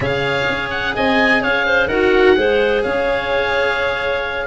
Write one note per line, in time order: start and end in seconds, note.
0.00 0.47 C#3
0.00 1.89 G#4
0.00 0.94 C#5
0.00 0.69 F5
0.49 0.96 C#4
0.70 0.94 F#5
0.94 1.43 C4
0.94 1.41 D#5
0.94 1.43 G#5
1.41 1.89 C#4
1.41 1.65 C#5
1.41 1.87 F5
1.65 1.87 C5
1.87 2.36 D#4
1.87 2.36 F#4
1.87 2.35 A#4
1.87 2.82 F#5
2.36 2.84 G#3
2.36 4.46 G#4
2.36 2.84 C5
2.83 4.46 C#4
2.83 4.46 C#5
2.83 4.46 F5